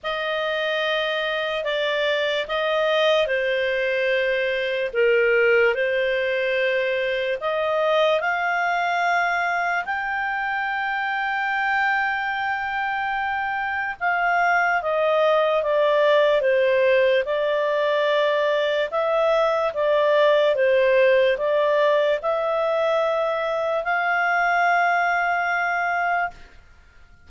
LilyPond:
\new Staff \with { instrumentName = "clarinet" } { \time 4/4 \tempo 4 = 73 dis''2 d''4 dis''4 | c''2 ais'4 c''4~ | c''4 dis''4 f''2 | g''1~ |
g''4 f''4 dis''4 d''4 | c''4 d''2 e''4 | d''4 c''4 d''4 e''4~ | e''4 f''2. | }